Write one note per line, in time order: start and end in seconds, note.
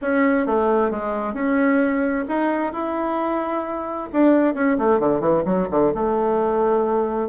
0.01 0.46 C#4
0.46 0.90 A3
0.90 1.33 G#3
1.33 2.24 C#4
2.28 2.72 D#4
2.72 4.09 E4
4.12 4.54 D4
4.54 4.77 C#4
4.77 4.99 A3
4.99 5.20 D3
5.20 5.43 E3
5.45 5.68 F#3
5.70 5.93 D3
5.94 7.29 A3